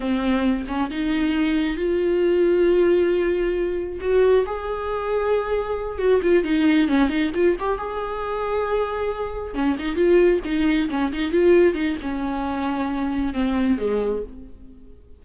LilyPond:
\new Staff \with { instrumentName = "viola" } { \time 4/4 \tempo 4 = 135 c'4. cis'8 dis'2 | f'1~ | f'4 fis'4 gis'2~ | gis'4. fis'8 f'8 dis'4 cis'8 |
dis'8 f'8 g'8 gis'2~ gis'8~ | gis'4. cis'8 dis'8 f'4 dis'8~ | dis'8 cis'8 dis'8 f'4 dis'8 cis'4~ | cis'2 c'4 gis4 | }